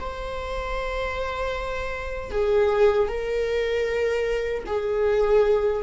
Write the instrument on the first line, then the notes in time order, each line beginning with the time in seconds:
viola
0.00 C5
2.31 G#4
3.08 A#4
4.66 G#4